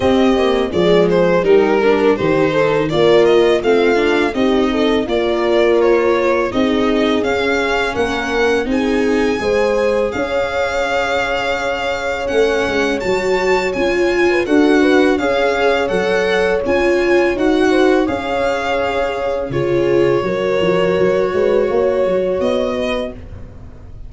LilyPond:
<<
  \new Staff \with { instrumentName = "violin" } { \time 4/4 \tempo 4 = 83 dis''4 d''8 c''8 ais'4 c''4 | d''8 dis''8 f''4 dis''4 d''4 | cis''4 dis''4 f''4 fis''4 | gis''2 f''2~ |
f''4 fis''4 a''4 gis''4 | fis''4 f''4 fis''4 gis''4 | fis''4 f''2 cis''4~ | cis''2. dis''4 | }
  \new Staff \with { instrumentName = "horn" } { \time 4/4 g'4 gis'4 g'8 ais'8 g'8 a'8 | ais'4 f'4 g'8 a'8 ais'4~ | ais'4 gis'2 ais'4 | gis'4 c''4 cis''2~ |
cis''2.~ cis''8. b'16 | a'8 b'8 cis''2.~ | cis''8 c''8 cis''2 gis'4 | ais'4. b'8 cis''4. b'8 | }
  \new Staff \with { instrumentName = "viola" } { \time 4/4 c'8 ais8 gis4 dis'8 d'8 dis'4 | f'4 c'8 d'8 dis'4 f'4~ | f'4 dis'4 cis'2 | dis'4 gis'2.~ |
gis'4 cis'4 fis'4 f'4 | fis'4 gis'4 a'4 f'4 | fis'4 gis'2 f'4 | fis'1 | }
  \new Staff \with { instrumentName = "tuba" } { \time 4/4 c'4 f4 g4 dis4 | ais4 a4 c'4 ais4~ | ais4 c'4 cis'4 ais4 | c'4 gis4 cis'2~ |
cis'4 a8 gis8 fis4 cis'4 | d'4 cis'4 fis4 cis'4 | dis'4 cis'2 cis4 | fis8 f8 fis8 gis8 ais8 fis8 b4 | }
>>